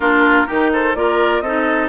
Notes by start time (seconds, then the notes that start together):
0.00 A#3 D4 F4 A#4
0.46 D#3 D#4 G4
0.72 A4 C5
0.95 A#3 F4 A#4 D5
1.41 C4 D#4 A4 D#5